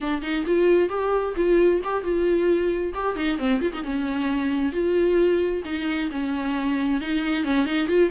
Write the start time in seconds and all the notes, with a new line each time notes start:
0.01 D4
0.21 D#4
0.46 F4
0.89 G4
1.36 F4
1.84 G4
2.03 F4
2.94 G4
3.16 D#4
3.38 C4
3.61 F4
3.73 D#4
3.83 C#4
4.72 F4
5.65 D#4
6.11 C#4
7.00 D#4
7.44 C#4
7.65 D#4
7.87 F4